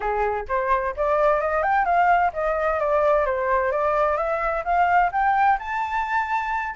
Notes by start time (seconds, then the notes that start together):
0.00 G#4
0.48 C5
0.96 D5
1.40 D#5
1.62 G5
1.85 F5
2.33 D#5
2.79 D5
3.25 C5
3.71 D5
4.17 E5
4.64 F5
5.11 G5
5.58 A5